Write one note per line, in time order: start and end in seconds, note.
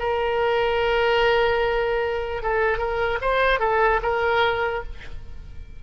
0.00 2.43 A#4
2.43 2.79 A4
2.79 3.19 A#4
3.22 3.60 C5
3.60 4.01 A4
4.03 4.84 A#4